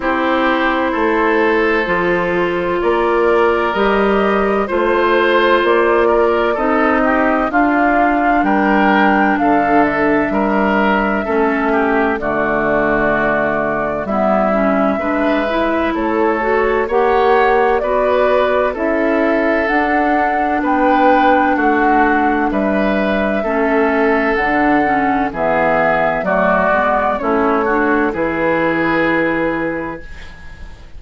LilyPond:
<<
  \new Staff \with { instrumentName = "flute" } { \time 4/4 \tempo 4 = 64 c''2. d''4 | dis''4 c''4 d''4 dis''4 | f''4 g''4 f''8 e''4.~ | e''4 d''2 e''4~ |
e''4 cis''4 fis''4 d''4 | e''4 fis''4 g''4 fis''4 | e''2 fis''4 e''4 | d''4 cis''4 b'2 | }
  \new Staff \with { instrumentName = "oboe" } { \time 4/4 g'4 a'2 ais'4~ | ais'4 c''4. ais'8 a'8 g'8 | f'4 ais'4 a'4 ais'4 | a'8 g'8 fis'2 e'4 |
b'4 a'4 cis''4 b'4 | a'2 b'4 fis'4 | b'4 a'2 gis'4 | fis'4 e'8 fis'8 gis'2 | }
  \new Staff \with { instrumentName = "clarinet" } { \time 4/4 e'2 f'2 | g'4 f'2 dis'4 | d'1 | cis'4 a2 b8 cis'8 |
d'8 e'4 fis'8 g'4 fis'4 | e'4 d'2.~ | d'4 cis'4 d'8 cis'8 b4 | a8 b8 cis'8 d'8 e'2 | }
  \new Staff \with { instrumentName = "bassoon" } { \time 4/4 c'4 a4 f4 ais4 | g4 a4 ais4 c'4 | d'4 g4 d4 g4 | a4 d2 g4 |
gis4 a4 ais4 b4 | cis'4 d'4 b4 a4 | g4 a4 d4 e4 | fis8 gis8 a4 e2 | }
>>